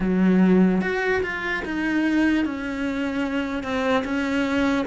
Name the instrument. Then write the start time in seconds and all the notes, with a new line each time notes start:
cello
0.00 F#3
0.81 F#4
1.22 F4
1.64 D#4
2.45 C#4
3.63 C4
4.04 C#4